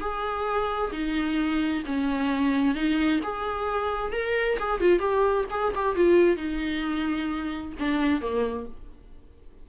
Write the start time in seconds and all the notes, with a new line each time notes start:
0.00 G#4
0.92 D#4
1.86 C#4
2.74 D#4
3.23 G#4
4.12 A#4
4.59 G#4
4.80 F4
4.99 G4
5.50 G#4
5.75 G4
5.95 F4
6.36 D#4
7.79 D4
8.21 A#3